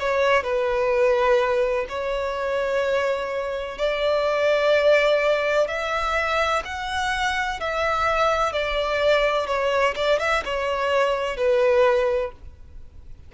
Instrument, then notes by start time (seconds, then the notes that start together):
violin
0.00 C#5
0.44 B4
1.89 C#5
3.78 D5
5.68 E5
6.65 F#5
7.60 E5
8.52 D5
9.47 C#5
9.96 D5
10.19 E5
10.45 C#5
11.37 B4